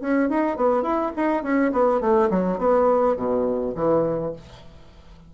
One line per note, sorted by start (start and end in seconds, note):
0.00 0.29 C#4
0.29 0.56 D#4
0.56 0.82 B3
0.82 1.11 E4
1.16 1.43 D#4
1.43 1.72 C#4
1.72 2.00 B3
2.00 2.29 A3
2.30 2.58 F#3
2.58 3.16 B3
3.16 3.73 B2
3.75 4.32 E3